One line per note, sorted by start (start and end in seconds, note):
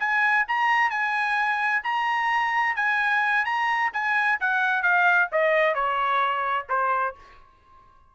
0.00 0.46 G#5
0.48 0.91 A#5
0.91 1.83 G#5
1.84 2.76 A#5
2.76 3.45 G#5
3.46 3.92 A#5
3.93 4.40 G#5
4.41 4.83 F#5
4.83 5.29 F5
5.32 5.75 D#5
5.75 6.67 C#5
6.69 7.16 C5